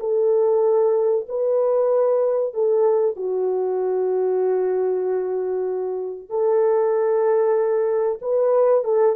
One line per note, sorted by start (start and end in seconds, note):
0.00 1.26 A4
1.29 2.54 B4
2.54 3.16 A4
3.16 6.30 F#4
6.30 8.19 A4
8.22 8.84 B4
8.84 9.16 A4